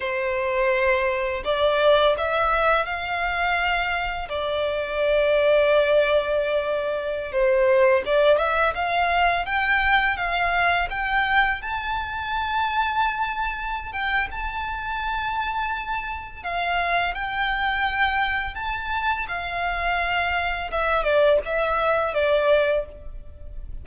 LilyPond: \new Staff \with { instrumentName = "violin" } { \time 4/4 \tempo 4 = 84 c''2 d''4 e''4 | f''2 d''2~ | d''2~ d''16 c''4 d''8 e''16~ | e''16 f''4 g''4 f''4 g''8.~ |
g''16 a''2.~ a''16 g''8 | a''2. f''4 | g''2 a''4 f''4~ | f''4 e''8 d''8 e''4 d''4 | }